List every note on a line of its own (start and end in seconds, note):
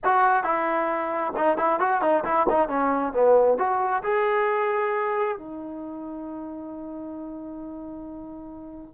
0.04 0.43 F#4
0.43 1.33 E4
1.36 1.57 D#4
1.57 1.79 E4
1.79 2.01 F#4
2.01 2.23 D#4
2.24 2.46 E4
2.49 2.68 D#4
2.68 3.13 C#4
3.13 3.58 B3
3.58 4.03 F#4
4.03 5.37 G#4
5.37 8.94 D#4